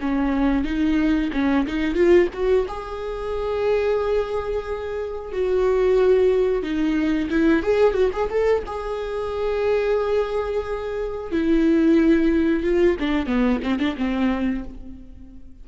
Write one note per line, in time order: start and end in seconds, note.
0.00 0.64 C#4
0.64 1.31 D#4
1.32 1.66 C#4
1.67 1.94 D#4
1.94 2.28 F4
2.33 2.66 F#4
2.68 5.32 G#4
5.32 6.62 F#4
6.62 7.29 D#4
7.29 7.62 E4
7.62 7.93 G#4
7.93 8.10 F#4
8.12 8.29 G#4
8.29 8.63 A4
8.66 11.31 G#4
11.31 12.63 E4
12.63 12.97 F4
12.99 13.26 D4
13.26 13.59 B3
13.62 13.79 C4
13.79 13.95 D4
13.97 14.63 C4